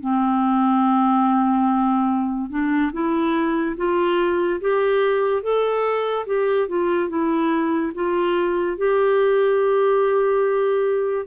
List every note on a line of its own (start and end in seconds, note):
0.00 2.49 C4
2.49 2.91 D4
2.92 3.76 E4
3.77 4.60 F4
4.61 5.42 G4
5.42 6.26 A4
6.26 6.68 G4
6.68 7.09 F4
7.09 7.92 E4
7.94 8.77 F4
8.77 11.26 G4